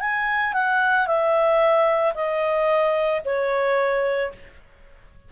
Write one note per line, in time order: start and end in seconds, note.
0.00 0.53 G#5
0.53 1.06 F#5
1.06 2.13 E5
2.14 3.21 D#5
3.24 4.31 C#5